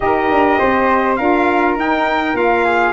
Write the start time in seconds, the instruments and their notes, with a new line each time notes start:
0.00 tuba D#4, saxophone G4, flute A#4, trumpet D#5
0.30 tuba D4
0.59 tuba C4, flute C5
1.15 tuba D4, saxophone F4, flute A#4, trumpet F5
1.76 tuba D#4, saxophone D#4, trumpet G5
2.33 tuba A#3, saxophone F4, trumpet F5
2.64 flute G#4